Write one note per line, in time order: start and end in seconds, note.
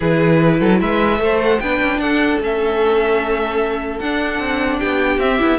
0.00 0.60 E3
0.00 1.18 E4
0.00 0.58 G#4
0.00 0.80 B4
0.59 0.80 F#3
0.59 0.79 A4
0.80 1.19 G#3
0.80 1.20 B4
0.80 1.40 E5
1.18 1.59 A3
1.18 1.58 A4
1.18 1.62 C5
1.43 1.59 F#5
1.59 1.81 B3
1.59 2.42 D4
1.59 2.01 B4
1.59 1.99 G5
1.81 1.98 C#4
1.98 2.38 D4
1.98 4.77 A4
1.98 2.39 F#5
2.40 4.00 A3
2.40 4.02 C#4
2.40 3.99 E5
3.99 4.39 D4
3.99 5.20 D4
3.99 4.79 F#5
4.39 4.79 C4
4.77 5.18 B3
4.77 5.57 G4
4.77 5.19 G5
5.18 5.38 C4
5.18 5.39 C4
5.18 5.58 E5
5.39 5.58 B3
5.39 5.58 E4